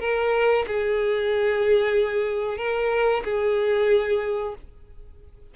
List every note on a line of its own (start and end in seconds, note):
0.00 0.65 A#4
0.67 2.58 G#4
2.58 3.23 A#4
3.25 4.55 G#4